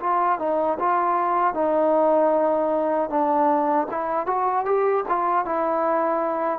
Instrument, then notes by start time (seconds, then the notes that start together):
trombone
0.00 F4
0.39 D#4
0.79 F4
1.54 D#4
3.10 D4
3.91 E4
4.27 F#4
4.65 G4
5.09 F4
5.45 E4